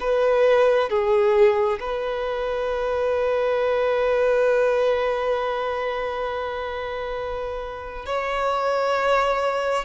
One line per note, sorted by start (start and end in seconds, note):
0.00 0.89 B4
0.89 1.79 G#4
1.80 8.06 B4
8.06 9.85 C#5